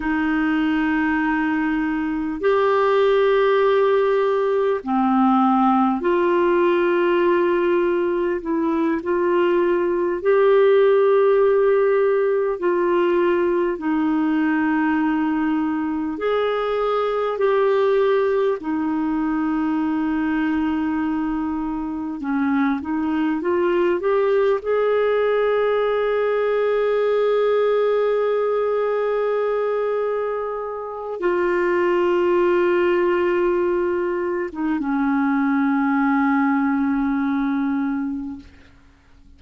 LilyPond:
\new Staff \with { instrumentName = "clarinet" } { \time 4/4 \tempo 4 = 50 dis'2 g'2 | c'4 f'2 e'8 f'8~ | f'8 g'2 f'4 dis'8~ | dis'4. gis'4 g'4 dis'8~ |
dis'2~ dis'8 cis'8 dis'8 f'8 | g'8 gis'2.~ gis'8~ | gis'2 f'2~ | f'8. dis'16 cis'2. | }